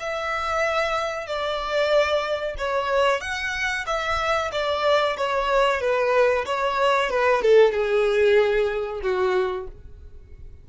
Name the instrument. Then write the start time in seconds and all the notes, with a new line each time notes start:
violin
0.00 E5
1.27 D5
2.58 C#5
3.21 F#5
3.87 E5
4.52 D5
5.17 C#5
5.81 B4
6.46 C#5
7.10 B4
7.42 A4
7.72 G#4
9.03 F#4